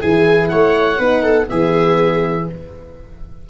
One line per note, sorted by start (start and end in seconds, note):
0.00 0.53 E3
0.00 0.98 E4
0.00 0.51 G#4
0.00 0.49 G#5
0.49 0.99 A3
0.49 0.99 C#5
0.49 1.47 F#5
0.99 1.49 B3
0.99 1.48 D#4
0.99 1.23 B4
1.23 1.48 A4
1.48 2.50 E3
1.48 2.46 B3
1.48 2.49 G#4
1.48 2.48 E5